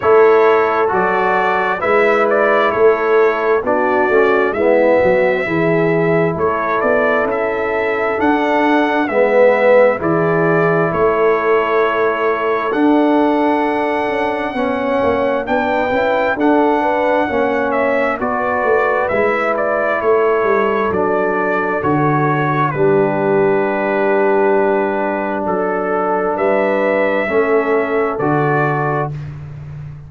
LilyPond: <<
  \new Staff \with { instrumentName = "trumpet" } { \time 4/4 \tempo 4 = 66 cis''4 d''4 e''8 d''8 cis''4 | d''4 e''2 cis''8 d''8 | e''4 fis''4 e''4 d''4 | cis''2 fis''2~ |
fis''4 g''4 fis''4. e''8 | d''4 e''8 d''8 cis''4 d''4 | cis''4 b'2. | a'4 e''2 d''4 | }
  \new Staff \with { instrumentName = "horn" } { \time 4/4 a'2 b'4 a'4 | fis'4 e'8 fis'8 gis'4 a'4~ | a'2 b'4 gis'4 | a'1 |
cis''4 b'4 a'8 b'8 cis''4 | b'2 a'2~ | a'4 g'2. | a'4 b'4 a'2 | }
  \new Staff \with { instrumentName = "trombone" } { \time 4/4 e'4 fis'4 e'2 | d'8 cis'8 b4 e'2~ | e'4 d'4 b4 e'4~ | e'2 d'2 |
cis'4 d'8 e'8 d'4 cis'4 | fis'4 e'2 d'4 | fis'4 d'2.~ | d'2 cis'4 fis'4 | }
  \new Staff \with { instrumentName = "tuba" } { \time 4/4 a4 fis4 gis4 a4 | b8 a8 gis8 fis8 e4 a8 b8 | cis'4 d'4 gis4 e4 | a2 d'4. cis'8 |
b8 ais8 b8 cis'8 d'4 ais4 | b8 a8 gis4 a8 g8 fis4 | d4 g2. | fis4 g4 a4 d4 | }
>>